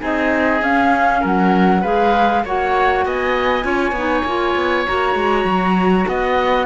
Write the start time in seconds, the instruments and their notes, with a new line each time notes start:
0.00 cello C4, clarinet D#4, oboe G#4, flute D#5
0.62 cello C#4, clarinet C#4, flute F5
1.21 cello F#3, oboe A#4, flute F#5
1.81 cello G#3, clarinet G#4, oboe B4, flute F5
2.45 cello A#3, clarinet F#4, oboe C#5, flute F#5
3.06 cello B3, oboe D#5, flute G#5
3.62 cello C#4, clarinet F4, oboe C#5
3.92 cello B3
3.98 clarinet D#4
4.25 cello A#3, clarinet F4
4.56 cello B3
4.87 cello A#3, clarinet F#4, flute A#5
5.15 cello G#3
5.45 cello F#3
6.08 cello B3, oboe D#5, flute F#5